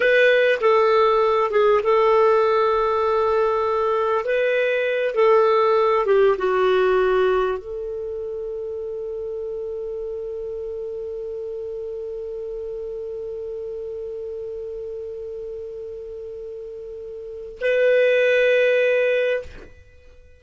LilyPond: \new Staff \with { instrumentName = "clarinet" } { \time 4/4 \tempo 4 = 99 b'4 a'4. gis'8 a'4~ | a'2. b'4~ | b'8 a'4. g'8 fis'4.~ | fis'8 a'2.~ a'8~ |
a'1~ | a'1~ | a'1~ | a'4 b'2. | }